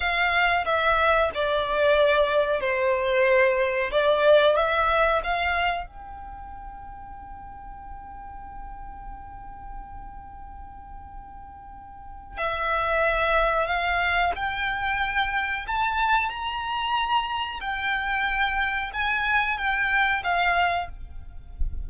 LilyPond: \new Staff \with { instrumentName = "violin" } { \time 4/4 \tempo 4 = 92 f''4 e''4 d''2 | c''2 d''4 e''4 | f''4 g''2.~ | g''1~ |
g''2. e''4~ | e''4 f''4 g''2 | a''4 ais''2 g''4~ | g''4 gis''4 g''4 f''4 | }